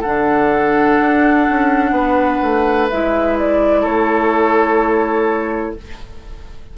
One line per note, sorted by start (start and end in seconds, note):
0.00 1.00 D3
0.00 2.90 D4
0.00 1.90 A4
0.00 2.87 F#5
1.00 1.47 D4
1.50 1.91 C#4
1.91 2.38 B3
1.91 3.81 B4
2.42 2.89 A3
2.90 3.85 G#3
2.90 5.77 E4
2.90 3.37 E5
3.38 3.85 D5
3.81 5.76 A3
3.81 5.72 A4
3.81 5.76 C#5